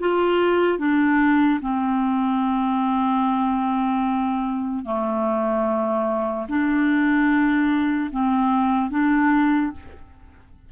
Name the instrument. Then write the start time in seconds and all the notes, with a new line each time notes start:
clarinet
0.00 F4
0.79 D4
1.61 C4
4.85 A3
6.49 D4
8.12 C4
8.91 D4